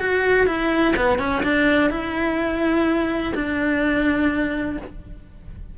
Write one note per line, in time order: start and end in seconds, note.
0.00 0.47 F#4
0.47 0.95 E4
0.97 1.19 B3
1.19 1.43 C#4
1.43 1.90 D4
1.90 3.33 E4
3.35 4.78 D4